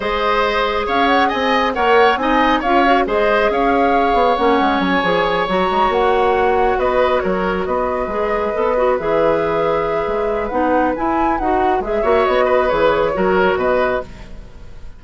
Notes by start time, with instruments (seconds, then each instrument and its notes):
0.00 bassoon G#3, clarinet G#4, oboe C5, flute D#5
0.86 bassoon C#4, oboe C#5, flute F5
1.07 flute F#5
1.28 bassoon C4, oboe D#5, flute G#5
1.73 bassoon A#3, clarinet A#4, oboe C#5, flute F#5
2.16 bassoon C4, clarinet D#4, oboe D#5, flute G#5
2.60 bassoon C#4, clarinet F4, oboe C#5, flute F5
2.85 clarinet F#4
3.06 bassoon G#3, clarinet G#4, oboe C5, flute D#5
3.49 bassoon C#4, oboe C#5, flute F5
4.13 bassoon B3
4.36 bassoon A#3, clarinet C#4, flute F#5
4.60 bassoon G#3
4.79 bassoon F#3, flute G#5
5.02 bassoon F3, clarinet G#4
5.47 bassoon F#3, clarinet F#4, flute A#5
5.71 bassoon G#3
5.89 bassoon A#3, flute F#5
6.78 bassoon B3, oboe B4, flute D#5
7.19 bassoon F#3, oboe A#4, flute C#5
7.64 bassoon B3, oboe B4, flute D#5
8.07 bassoon G#3, clarinet G#4
8.54 bassoon B3, clarinet A4
8.77 clarinet F#4
8.99 bassoon E3, clarinet G#4, flute E5
10.07 bassoon G#3
10.48 bassoon B3, clarinet D#4, flute F#5
10.96 clarinet E4, bassoon E4, flute G#5
11.38 bassoon D#4, clarinet F#4, flute F#5
11.80 bassoon G#3, clarinet G#4, flute E5
12.01 bassoon A#3, clarinet F#4, oboe C#5
12.25 bassoon B3, flute D#5
12.45 oboe B4
12.68 bassoon E3, clarinet G#4, flute C#5
13.13 bassoon F#3, clarinet F#4, oboe A#4
13.55 bassoon B2, oboe B4, flute D#5